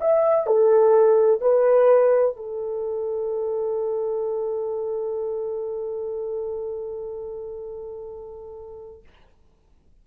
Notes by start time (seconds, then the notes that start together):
0.00 E5
0.46 A4
1.41 B4
2.36 A4